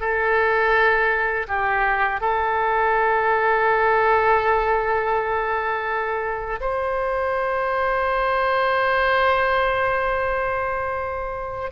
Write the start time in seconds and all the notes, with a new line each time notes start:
0.00 A4
1.48 G4
2.21 A4
6.61 C5